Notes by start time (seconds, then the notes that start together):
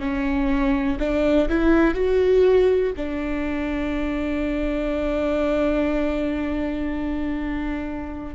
0.00 C#4
1.00 D4
1.49 E4
1.95 F#4
2.97 D4